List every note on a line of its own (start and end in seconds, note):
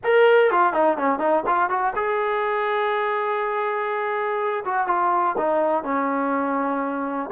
0.04 0.50 A#4
0.50 0.73 F4
0.73 0.97 D#4
0.97 1.19 C#4
1.19 1.43 D#4
1.46 1.69 F4
1.69 1.93 F#4
1.95 4.63 G#4
4.64 4.87 F#4
4.87 5.36 F4
5.37 5.83 D#4
5.83 7.29 C#4